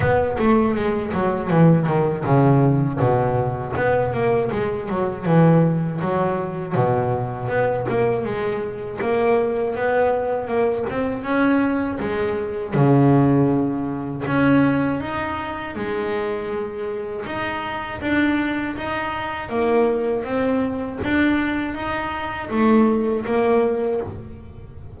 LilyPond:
\new Staff \with { instrumentName = "double bass" } { \time 4/4 \tempo 4 = 80 b8 a8 gis8 fis8 e8 dis8 cis4 | b,4 b8 ais8 gis8 fis8 e4 | fis4 b,4 b8 ais8 gis4 | ais4 b4 ais8 c'8 cis'4 |
gis4 cis2 cis'4 | dis'4 gis2 dis'4 | d'4 dis'4 ais4 c'4 | d'4 dis'4 a4 ais4 | }